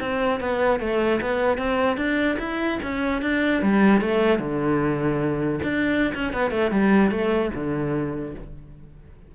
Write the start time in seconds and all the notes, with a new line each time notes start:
0.00 C4
0.40 B3
0.80 A3
1.21 B3
1.58 C4
1.97 D4
2.39 E4
2.82 C#4
3.22 D4
3.62 G3
4.01 A3
4.39 D3
5.63 D4
6.15 C#4
6.33 B3
6.51 A3
6.71 G3
7.11 A3
7.54 D3